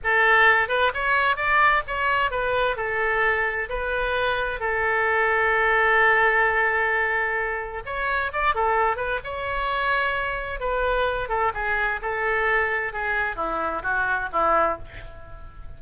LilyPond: \new Staff \with { instrumentName = "oboe" } { \time 4/4 \tempo 4 = 130 a'4. b'8 cis''4 d''4 | cis''4 b'4 a'2 | b'2 a'2~ | a'1~ |
a'4 cis''4 d''8 a'4 b'8 | cis''2. b'4~ | b'8 a'8 gis'4 a'2 | gis'4 e'4 fis'4 e'4 | }